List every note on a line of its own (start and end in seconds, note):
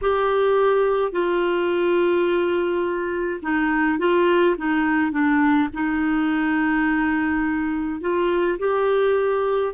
0.01 1.11 G4
1.11 3.40 F4
3.42 3.98 D#4
3.98 4.56 F4
4.57 5.11 D#4
5.11 5.69 D4
5.73 8.01 D#4
8.01 8.58 F4
8.58 9.73 G4